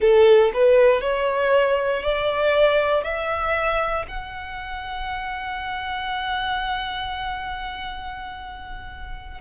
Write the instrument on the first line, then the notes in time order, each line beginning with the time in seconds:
violin
0.00 A4
0.53 B4
1.01 C#5
2.02 D5
3.03 E5
4.07 F#5